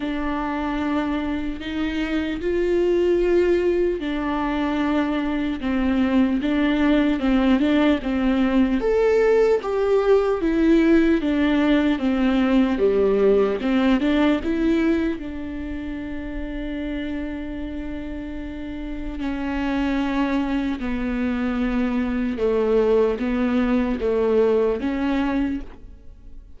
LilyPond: \new Staff \with { instrumentName = "viola" } { \time 4/4 \tempo 4 = 75 d'2 dis'4 f'4~ | f'4 d'2 c'4 | d'4 c'8 d'8 c'4 a'4 | g'4 e'4 d'4 c'4 |
g4 c'8 d'8 e'4 d'4~ | d'1 | cis'2 b2 | a4 b4 a4 cis'4 | }